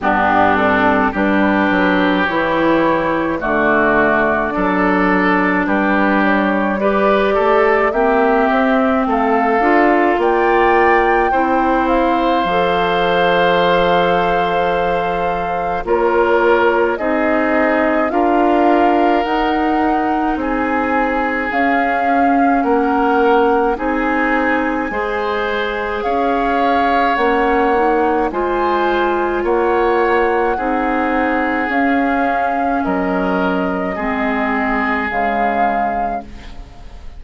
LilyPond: <<
  \new Staff \with { instrumentName = "flute" } { \time 4/4 \tempo 4 = 53 g'8 a'8 b'4 cis''4 d''4~ | d''4 b'8 cis''8 d''4 e''4 | f''4 g''4. f''4.~ | f''2 cis''4 dis''4 |
f''4 fis''4 gis''4 f''4 | fis''4 gis''2 f''4 | fis''4 gis''4 fis''2 | f''4 dis''2 f''4 | }
  \new Staff \with { instrumentName = "oboe" } { \time 4/4 d'4 g'2 fis'4 | a'4 g'4 b'8 a'8 g'4 | a'4 d''4 c''2~ | c''2 ais'4 gis'4 |
ais'2 gis'2 | ais'4 gis'4 c''4 cis''4~ | cis''4 c''4 cis''4 gis'4~ | gis'4 ais'4 gis'2 | }
  \new Staff \with { instrumentName = "clarinet" } { \time 4/4 b8 c'8 d'4 e'4 a4 | d'2 g'4 c'4~ | c'8 f'4. e'4 a'4~ | a'2 f'4 dis'4 |
f'4 dis'2 cis'4~ | cis'4 dis'4 gis'2 | cis'8 dis'8 f'2 dis'4 | cis'2 c'4 gis4 | }
  \new Staff \with { instrumentName = "bassoon" } { \time 4/4 g,4 g8 fis8 e4 d4 | fis4 g4. a8 ais8 c'8 | a8 d'8 ais4 c'4 f4~ | f2 ais4 c'4 |
d'4 dis'4 c'4 cis'4 | ais4 c'4 gis4 cis'4 | ais4 gis4 ais4 c'4 | cis'4 fis4 gis4 cis4 | }
>>